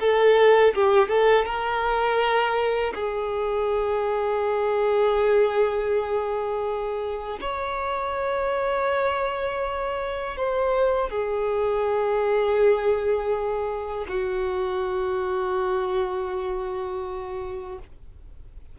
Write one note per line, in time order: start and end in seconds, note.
0.00 0.74 A4
0.74 1.08 G4
1.08 1.45 A4
1.45 2.93 A#4
2.95 7.39 G#4
7.41 10.37 C#5
10.37 11.10 C5
11.10 14.06 G#4
14.08 17.79 F#4